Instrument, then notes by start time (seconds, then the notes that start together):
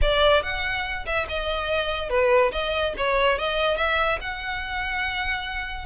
violin
0.01 D5
0.42 F#5
1.06 E5
1.28 D#5
2.09 B4
2.52 D#5
2.97 C#5
3.38 D#5
3.76 E5
4.21 F#5